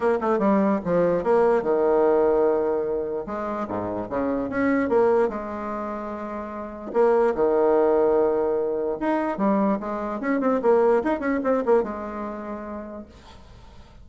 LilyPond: \new Staff \with { instrumentName = "bassoon" } { \time 4/4 \tempo 4 = 147 ais8 a8 g4 f4 ais4 | dis1 | gis4 gis,4 cis4 cis'4 | ais4 gis2.~ |
gis4 ais4 dis2~ | dis2 dis'4 g4 | gis4 cis'8 c'8 ais4 dis'8 cis'8 | c'8 ais8 gis2. | }